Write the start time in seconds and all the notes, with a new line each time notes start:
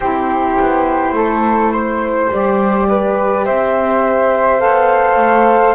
0.00 C4 E4 G4 C5
0.59 B3
1.12 A3 A4
1.72 C5
2.30 G3 G4 D5
2.88 B4
3.45 C4 C5 E5
4.59 B3 A4 F5
5.16 A3